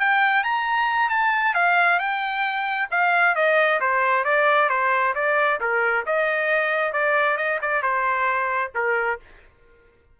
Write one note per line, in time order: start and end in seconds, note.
0.00 0.44 G5
0.44 1.10 A#5
1.10 1.54 A5
1.54 1.99 F5
1.99 2.89 G5
2.91 3.36 F5
3.36 3.80 D#5
3.81 4.25 C5
4.25 4.70 D5
4.70 5.14 C5
5.15 5.60 D5
5.61 6.05 A#4
6.06 6.93 D#5
6.93 7.37 D5
7.37 7.60 D#5
7.62 7.83 D5
7.83 8.72 C5
8.75 9.20 A#4